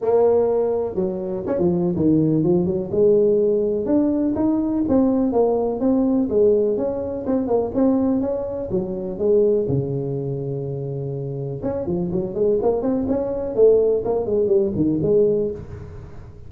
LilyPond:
\new Staff \with { instrumentName = "tuba" } { \time 4/4 \tempo 4 = 124 ais2 fis4 cis'16 f8. | dis4 f8 fis8 gis2 | d'4 dis'4 c'4 ais4 | c'4 gis4 cis'4 c'8 ais8 |
c'4 cis'4 fis4 gis4 | cis1 | cis'8 f8 fis8 gis8 ais8 c'8 cis'4 | a4 ais8 gis8 g8 dis8 gis4 | }